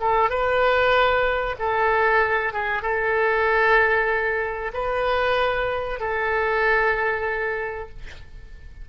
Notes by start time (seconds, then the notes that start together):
0.00 A4
0.30 B4
1.59 A4
2.53 G#4
2.82 A4
4.73 B4
5.99 A4